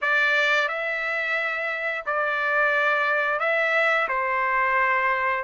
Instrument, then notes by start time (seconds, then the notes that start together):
trumpet
0.01 D5
0.68 E5
2.06 D5
3.39 E5
4.08 C5